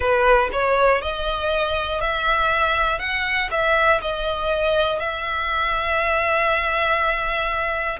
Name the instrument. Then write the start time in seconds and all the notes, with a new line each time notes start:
violin
0.00 B4
0.52 C#5
1.01 D#5
2.00 E5
2.99 F#5
3.50 E5
4.00 D#5
4.99 E5